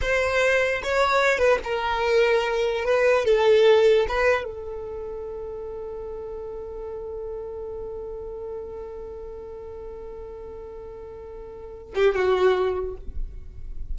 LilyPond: \new Staff \with { instrumentName = "violin" } { \time 4/4 \tempo 4 = 148 c''2 cis''4. b'8 | ais'2. b'4 | a'2 b'4 a'4~ | a'1~ |
a'1~ | a'1~ | a'1~ | a'4. g'8 fis'2 | }